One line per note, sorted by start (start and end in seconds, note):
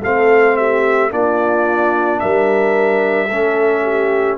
0.00 1.12 A3
0.00 1.10 C4
0.00 0.55 A4
0.00 0.56 F5
0.56 1.11 G4
0.56 1.11 E5
1.10 2.21 A#3
1.10 3.28 D4
1.10 2.22 F4
1.10 2.20 D5
2.20 3.30 G3
2.20 3.27 A#4
2.20 4.38 E5
3.27 4.38 A3
3.27 4.38 C#4
3.27 3.82 A4
3.83 4.37 G4